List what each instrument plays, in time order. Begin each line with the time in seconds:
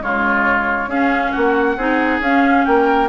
0.00 bassoon C#3, clarinet G#3, oboe F4, flute C#5
0.87 bassoon C#4, clarinet C#4, oboe G#4, flute F5
1.31 bassoon A#3, oboe F#4, flute F#5
1.76 bassoon C4, clarinet D#4, oboe G#4
2.19 bassoon C#4, clarinet C#4, flute F5
2.65 bassoon A#3, oboe A#4, flute G5